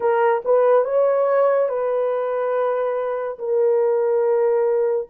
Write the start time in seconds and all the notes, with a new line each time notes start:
0.00 A#4
0.45 B4
0.84 C#5
1.69 B4
3.38 A#4